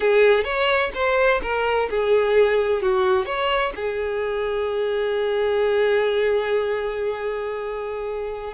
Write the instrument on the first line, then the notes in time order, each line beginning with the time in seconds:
violin
0.00 G#4
0.44 C#5
0.94 C5
1.42 A#4
1.89 G#4
2.81 F#4
3.25 C#5
3.75 G#4